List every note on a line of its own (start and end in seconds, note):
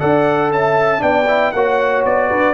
0.00 0.51 D4
0.00 0.99 A4
0.00 0.51 D5
0.00 0.51 F#5
0.51 1.02 C#4
0.51 1.03 E5
0.51 1.02 A5
0.99 1.53 B3
0.99 1.24 D4
0.99 1.54 D5
0.99 1.52 G5
1.28 1.54 E4
1.52 2.05 A#3
1.52 2.54 F#4
1.52 2.29 C#5
1.52 2.03 F#5
2.05 2.31 B3
2.05 2.54 D5
2.29 2.54 D4
2.29 2.54 B4